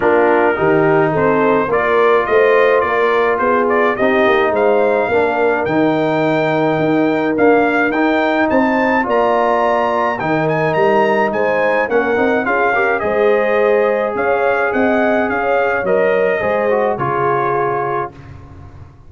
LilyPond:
<<
  \new Staff \with { instrumentName = "trumpet" } { \time 4/4 \tempo 4 = 106 ais'2 c''4 d''4 | dis''4 d''4 c''8 d''8 dis''4 | f''2 g''2~ | g''4 f''4 g''4 a''4 |
ais''2 g''8 gis''8 ais''4 | gis''4 fis''4 f''4 dis''4~ | dis''4 f''4 fis''4 f''4 | dis''2 cis''2 | }
  \new Staff \with { instrumentName = "horn" } { \time 4/4 f'4 g'4 a'4 ais'4 | c''4 ais'4 gis'4 g'4 | c''4 ais'2.~ | ais'2. c''4 |
d''2 ais'2 | c''4 ais'4 gis'8 ais'8 c''4~ | c''4 cis''4 dis''4 cis''4~ | cis''4 c''4 gis'2 | }
  \new Staff \with { instrumentName = "trombone" } { \time 4/4 d'4 dis'2 f'4~ | f'2. dis'4~ | dis'4 d'4 dis'2~ | dis'4 ais4 dis'2 |
f'2 dis'2~ | dis'4 cis'8 dis'8 f'8 g'8 gis'4~ | gis'1 | ais'4 gis'8 fis'8 f'2 | }
  \new Staff \with { instrumentName = "tuba" } { \time 4/4 ais4 dis4 c'4 ais4 | a4 ais4 b4 c'8 ais8 | gis4 ais4 dis2 | dis'4 d'4 dis'4 c'4 |
ais2 dis4 g4 | gis4 ais8 c'8 cis'4 gis4~ | gis4 cis'4 c'4 cis'4 | fis4 gis4 cis2 | }
>>